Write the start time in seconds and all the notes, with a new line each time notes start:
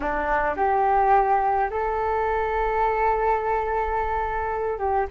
0.00 D4
0.56 G4
1.70 A4
4.78 G4